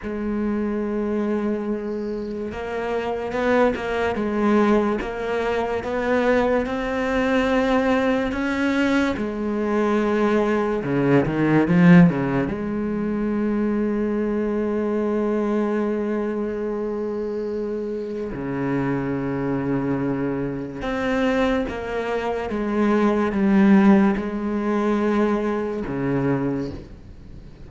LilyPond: \new Staff \with { instrumentName = "cello" } { \time 4/4 \tempo 4 = 72 gis2. ais4 | b8 ais8 gis4 ais4 b4 | c'2 cis'4 gis4~ | gis4 cis8 dis8 f8 cis8 gis4~ |
gis1~ | gis2 cis2~ | cis4 c'4 ais4 gis4 | g4 gis2 cis4 | }